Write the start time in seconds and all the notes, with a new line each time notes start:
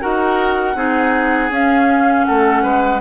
0.00 D#4 F#4 A#4 F#5
0.74 C4 D#4 G#4
1.50 C#4 F5
2.25 A3 A4 F#5
2.62 G#3 B4